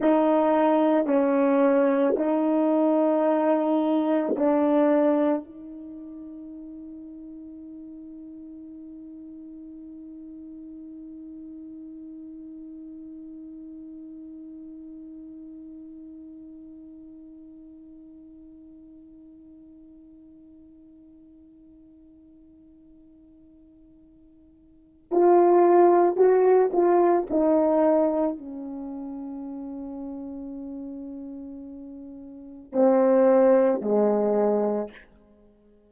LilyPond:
\new Staff \with { instrumentName = "horn" } { \time 4/4 \tempo 4 = 55 dis'4 cis'4 dis'2 | d'4 dis'2.~ | dis'1~ | dis'1~ |
dis'1~ | dis'2. f'4 | fis'8 f'8 dis'4 cis'2~ | cis'2 c'4 gis4 | }